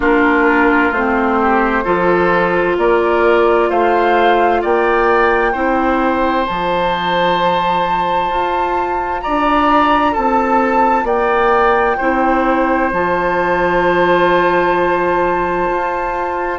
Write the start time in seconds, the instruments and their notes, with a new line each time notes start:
0.00 bassoon A#3, clarinet D4, oboe F4, flute A#4
0.91 bassoon A3, clarinet C4, flute C5
1.41 oboe G4
1.83 bassoon F3, clarinet F4, oboe A4
2.77 bassoon A#3, oboe A#4, flute D5
3.69 bassoon A3, oboe C5, flute F5
4.61 bassoon A#3, oboe D5, flute G5
5.52 bassoon C4, clarinet E4, oboe C5
6.46 bassoon F3, clarinet F4, flute A5
8.30 bassoon F4
9.21 bassoon D4, oboe D5, flute A#5
10.12 bassoon C4, oboe A4, flute A5
11.03 bassoon A#3, oboe D5, flute G5
11.97 bassoon C4, clarinet E4, oboe C5
12.92 bassoon F3, clarinet F4, flute A5
15.70 bassoon F4